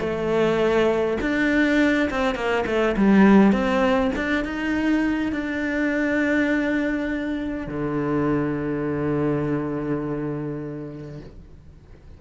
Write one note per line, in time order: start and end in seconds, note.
0.00 1.18 A3
1.21 2.10 D4
2.10 2.35 C4
2.35 2.65 A#3
2.66 2.96 A3
2.97 3.52 G3
3.52 4.11 C4
4.16 4.45 D4
4.45 5.33 D#4
5.33 7.67 D4
7.67 11.20 D3